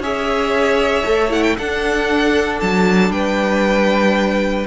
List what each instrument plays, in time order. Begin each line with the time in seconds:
0.00 cello C#4, viola G#4, violin C#5 E5
1.04 cello A3, viola A4
1.30 viola E4, violin F#5
1.43 violin G5
1.58 cello D4, viola D4, violin A4 F#5
2.60 cello F#3, violin A5
3.09 cello G3, violin B4 G5